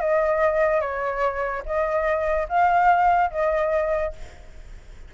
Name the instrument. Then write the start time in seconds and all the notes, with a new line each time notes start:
flute
0.00 D#5
0.81 C#5
1.66 D#5
2.49 F5
3.31 D#5